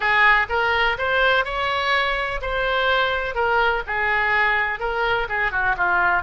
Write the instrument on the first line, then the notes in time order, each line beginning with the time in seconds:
oboe
0.00 G#4
0.49 A#4
0.98 C5
1.44 C#5
2.41 C5
3.34 A#4
3.86 G#4
4.79 A#4
5.28 G#4
5.51 F#4
5.77 F4